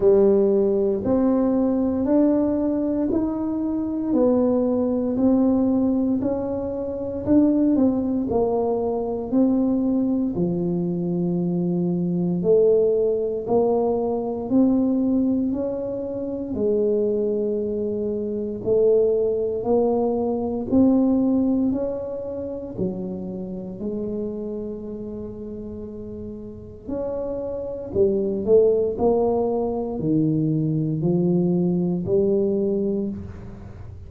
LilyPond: \new Staff \with { instrumentName = "tuba" } { \time 4/4 \tempo 4 = 58 g4 c'4 d'4 dis'4 | b4 c'4 cis'4 d'8 c'8 | ais4 c'4 f2 | a4 ais4 c'4 cis'4 |
gis2 a4 ais4 | c'4 cis'4 fis4 gis4~ | gis2 cis'4 g8 a8 | ais4 dis4 f4 g4 | }